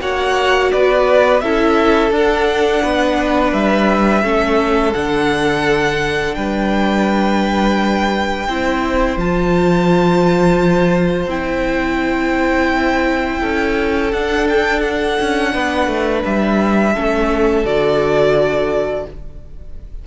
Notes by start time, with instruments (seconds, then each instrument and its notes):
0.00 cello A#3, viola F#4, violin C#5 F#5
0.71 cello B3, violin B4 D5
1.40 cello C#4, viola E4, violin A4 E5
2.10 cello D4, viola D4
2.17 violin F#5
2.82 cello B3, violin B4
3.52 cello G3, violin E5
4.23 cello A3, viola C#4, violin A4
4.93 cello D3, viola D4, violin F#5
6.34 cello G3, violin B4 G5
8.47 cello C4, viola E4, violin C5
9.16 cello F3, viola F4, violin A5
11.26 cello C4, viola E4, violin G5
13.40 cello C#4, violin A4
14.12 cello D4, viola D4, violin F#5
14.49 violin G5
14.80 violin F#5
15.21 cello C#4
15.53 cello B3, violin B4
15.86 cello A3
16.25 cello G3, violin E5
16.93 cello A3, viola C#4, violin A4
17.64 cello D3, viola F#4, violin D5